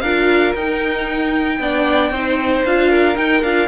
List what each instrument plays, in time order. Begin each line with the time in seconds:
0.00 cello D4, viola F4, violin A#4 F5
0.54 cello D#4, viola D#4, violin G5
1.59 cello B3, viola D4, violin D5
2.10 cello C4, viola D#4, violin C5
2.64 cello D4, viola F4, violin F5
2.89 violin A#4
3.14 viola D#4, cello D#4, violin G5
3.42 cello D4, viola F4, violin F5